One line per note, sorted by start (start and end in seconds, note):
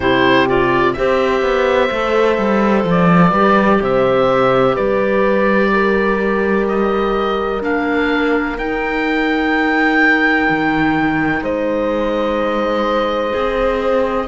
0.00 0.93 C3
0.00 0.47 E4
0.00 0.95 G4
0.00 0.48 C5
0.47 0.95 F4
0.47 0.93 D5
0.93 1.41 C4
0.93 1.90 G4
0.93 3.31 C5
0.93 2.83 E5
1.41 1.89 B3
1.90 2.37 A3
1.90 3.33 A4
2.37 2.84 G3
2.84 3.31 F3
2.90 3.83 D5
3.31 3.79 G3
3.31 7.61 G4
3.31 3.78 B4
3.80 4.76 C3
3.80 4.74 C5
3.80 4.76 E5
4.74 7.62 G3
4.74 5.70 B4
4.74 6.66 D5
5.72 11.42 A#4
6.67 7.62 D#5
7.61 8.58 A#3
7.61 8.56 D4
7.61 8.58 F5
8.58 10.48 D#4
8.58 13.30 D#4
8.58 11.43 G5
10.49 11.41 D#3
11.41 13.32 G#3
11.41 14.27 C5
11.41 14.27 D#5
13.30 14.27 C4
13.30 14.25 G#4